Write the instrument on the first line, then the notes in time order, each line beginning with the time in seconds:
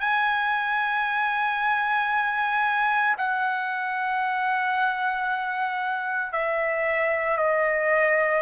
trumpet
0.00 G#5
3.17 F#5
6.32 E5
7.37 D#5